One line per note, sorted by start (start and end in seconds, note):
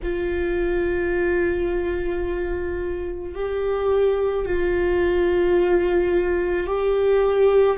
0.03 3.34 F4
3.34 4.45 G4
4.45 6.66 F4
6.66 7.77 G4